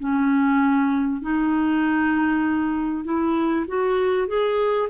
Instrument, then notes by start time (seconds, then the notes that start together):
clarinet
0.00 C#4
1.22 D#4
3.05 E4
3.68 F#4
4.28 G#4